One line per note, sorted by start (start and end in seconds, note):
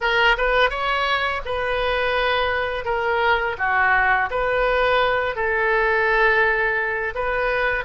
0.00 0.36 A#4
0.37 0.70 B4
0.70 1.41 C#5
1.45 2.84 B4
2.84 3.56 A#4
3.57 4.29 F#4
4.30 5.35 B4
5.35 7.14 A4
7.14 7.84 B4